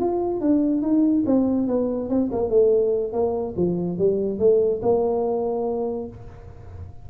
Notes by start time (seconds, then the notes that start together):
0.00 F4
0.41 D4
0.82 D#4
1.27 C4
1.68 B3
2.10 C4
2.32 A#3
2.50 A3
3.13 A#3
3.57 F3
3.99 G3
4.39 A3
4.83 A#3